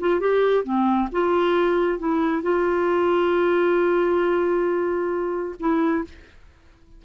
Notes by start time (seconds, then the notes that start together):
0.00 F4
0.20 G4
0.64 C4
1.12 F4
1.99 E4
2.42 F4
5.60 E4